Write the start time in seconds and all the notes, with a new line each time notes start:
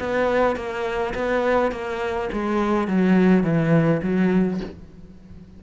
0.00 B3
0.57 A#3
1.15 B3
1.72 A#3
2.33 G#3
2.88 F#3
3.44 E3
4.03 F#3